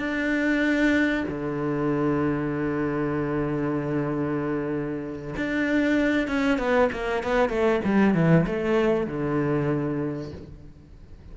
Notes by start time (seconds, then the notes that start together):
0.00 D4
1.29 D3
5.37 D4
6.28 C#4
6.59 B3
6.93 A#3
7.24 B3
7.50 A3
7.85 G3
8.15 E3
8.47 A3
9.07 D3